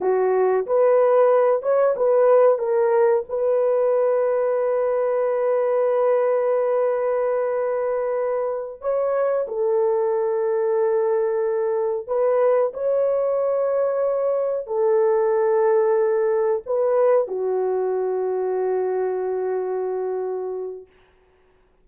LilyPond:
\new Staff \with { instrumentName = "horn" } { \time 4/4 \tempo 4 = 92 fis'4 b'4. cis''8 b'4 | ais'4 b'2.~ | b'1~ | b'4. cis''4 a'4.~ |
a'2~ a'8 b'4 cis''8~ | cis''2~ cis''8 a'4.~ | a'4. b'4 fis'4.~ | fis'1 | }